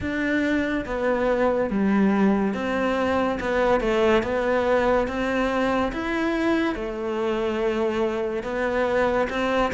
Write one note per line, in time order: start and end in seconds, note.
0.00 0.85 D4
0.85 1.69 B3
1.70 2.54 G3
2.54 3.38 C4
3.40 3.80 B3
3.80 4.23 A3
4.23 5.07 B3
5.07 5.92 C4
5.92 6.75 E4
6.75 8.43 A3
8.43 9.27 B3
9.29 9.71 C4